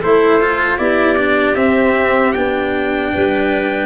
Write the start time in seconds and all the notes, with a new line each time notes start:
0.00 A3 E4 A4 C5
0.41 F4
0.79 B3 E4 G4 D5
1.18 D4
1.56 C4 E5
2.33 B3 D4 G5
3.13 G3 B4